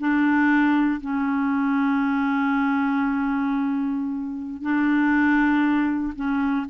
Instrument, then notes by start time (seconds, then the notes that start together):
clarinet
0.00 D4
1.01 C#4
4.62 D4
6.16 C#4